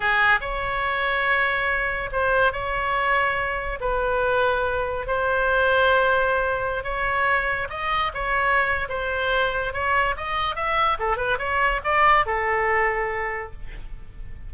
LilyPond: \new Staff \with { instrumentName = "oboe" } { \time 4/4 \tempo 4 = 142 gis'4 cis''2.~ | cis''4 c''4 cis''2~ | cis''4 b'2. | c''1~ |
c''16 cis''2 dis''4 cis''8.~ | cis''4 c''2 cis''4 | dis''4 e''4 a'8 b'8 cis''4 | d''4 a'2. | }